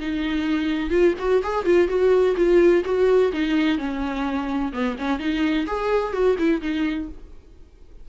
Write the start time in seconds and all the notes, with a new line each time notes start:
0.00 D#4
0.90 F4
1.19 F#4
1.43 G#4
1.65 F4
1.88 F#4
2.37 F4
2.85 F#4
3.33 D#4
3.78 C#4
4.73 B3
4.99 C#4
5.19 D#4
5.67 G#4
6.13 F#4
6.38 E4
6.61 D#4